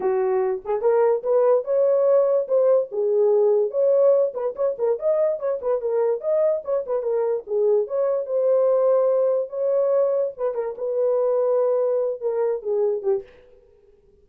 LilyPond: \new Staff \with { instrumentName = "horn" } { \time 4/4 \tempo 4 = 145 fis'4. gis'8 ais'4 b'4 | cis''2 c''4 gis'4~ | gis'4 cis''4. b'8 cis''8 ais'8 | dis''4 cis''8 b'8 ais'4 dis''4 |
cis''8 b'8 ais'4 gis'4 cis''4 | c''2. cis''4~ | cis''4 b'8 ais'8 b'2~ | b'4. ais'4 gis'4 g'8 | }